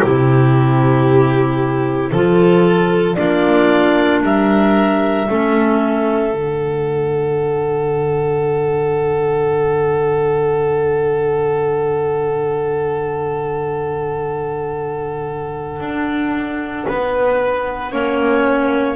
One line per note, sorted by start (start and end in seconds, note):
0.00 2.12 C3
0.00 2.14 E4
0.00 2.11 G4
0.00 3.15 C5
2.12 3.18 F3
2.12 3.16 F4
2.12 3.17 A4
3.15 4.23 A#3
3.15 5.27 D4
3.15 4.24 F4
3.15 4.21 D5
4.23 5.29 G3
4.23 5.29 A#4
4.23 6.36 E5
5.30 6.34 A3
5.30 6.34 C#4
5.30 16.87 A4
6.34 15.81 D3
6.34 17.92 D4
6.34 18.96 F#5
15.81 16.86 D4
16.87 17.93 B3
16.87 17.92 B4
17.92 18.96 A#3
17.92 18.96 C#4
17.92 18.96 C#5